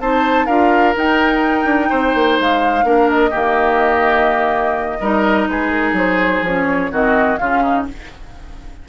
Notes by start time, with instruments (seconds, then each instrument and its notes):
0.00 bassoon C4, clarinet D#4, oboe C5, flute A5
0.46 bassoon D4, clarinet F4, oboe A#4, flute F5
0.95 clarinet D#4, bassoon D#4, flute G5
1.65 bassoon D4
1.90 bassoon C4, oboe C5
2.15 bassoon A#3
2.40 bassoon G#3, flute F5
2.84 bassoon A#3, clarinet D4, oboe A#4
3.10 flute D#5
3.31 bassoon D#3, clarinet A#3, oboe G4
5.01 bassoon G3, clarinet D#4, oboe A#4
5.48 bassoon G#3, oboe G#4, flute B4
5.71 flute A#4
5.93 bassoon F#3, flute C5
6.42 bassoon F3, clarinet C#4, flute C#5
6.91 bassoon D#3, clarinet C4, oboe F#4, flute D#5
7.38 bassoon C#3, clarinet C#4, oboe F4, flute F5
7.63 oboe D#4